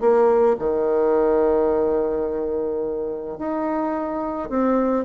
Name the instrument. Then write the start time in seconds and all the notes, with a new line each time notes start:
bassoon
0.00 A#3
0.59 D#3
3.38 D#4
4.49 C4